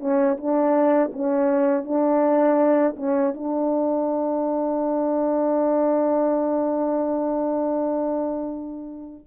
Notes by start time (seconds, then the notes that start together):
0.00 C#4
0.37 D4
1.13 C#4
1.85 D4
2.97 C#4
3.34 D4